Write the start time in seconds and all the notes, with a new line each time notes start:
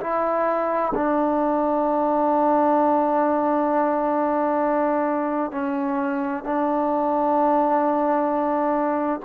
0.00 E4
0.95 D4
5.51 C#4
6.44 D4